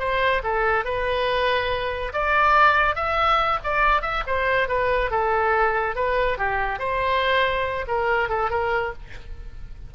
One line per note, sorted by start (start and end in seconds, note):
0.00 0.43 C5
0.44 0.85 A4
0.85 2.13 B4
2.14 2.96 D5
2.96 3.60 E5
3.64 4.03 D5
4.03 4.24 E5
4.27 4.69 C5
4.69 5.11 B4
5.11 5.96 A4
5.96 6.38 B4
6.38 6.80 G4
6.80 7.86 C5
7.88 8.30 A#4
8.30 8.51 A4
8.51 8.93 A#4